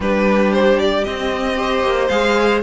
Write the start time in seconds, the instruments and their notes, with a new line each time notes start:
0.00 cello G3, viola D4, violin G4 B4
0.53 violin C5
0.79 violin D5
1.04 viola C4, cello C4, violin D#5
1.55 viola G4, violin C5
1.83 cello A#3
2.08 cello G#3, viola G#4, violin F5